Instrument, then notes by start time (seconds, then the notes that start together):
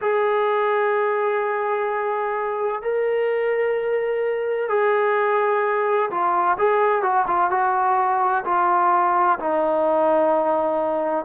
trombone
0.01 G#4
2.82 A#4
4.69 G#4
6.10 F4
6.58 G#4
7.02 F#4
7.27 F4
7.50 F#4
8.45 F4
9.39 D#4